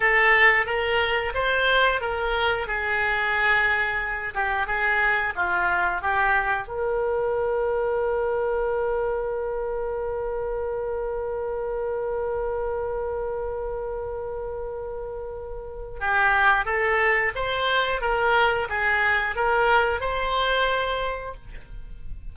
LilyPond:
\new Staff \with { instrumentName = "oboe" } { \time 4/4 \tempo 4 = 90 a'4 ais'4 c''4 ais'4 | gis'2~ gis'8 g'8 gis'4 | f'4 g'4 ais'2~ | ais'1~ |
ais'1~ | ais'1 | g'4 a'4 c''4 ais'4 | gis'4 ais'4 c''2 | }